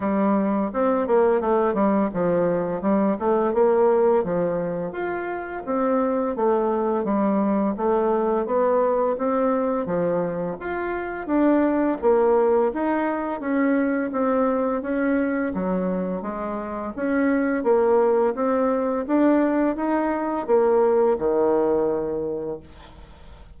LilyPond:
\new Staff \with { instrumentName = "bassoon" } { \time 4/4 \tempo 4 = 85 g4 c'8 ais8 a8 g8 f4 | g8 a8 ais4 f4 f'4 | c'4 a4 g4 a4 | b4 c'4 f4 f'4 |
d'4 ais4 dis'4 cis'4 | c'4 cis'4 fis4 gis4 | cis'4 ais4 c'4 d'4 | dis'4 ais4 dis2 | }